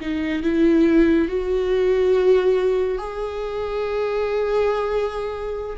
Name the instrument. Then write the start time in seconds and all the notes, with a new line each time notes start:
viola
0.00 D#4
0.42 E4
1.28 F#4
2.98 G#4